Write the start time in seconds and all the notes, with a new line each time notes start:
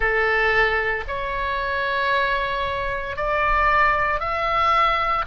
0.00 A4
1.07 C#5
3.16 D5
4.20 E5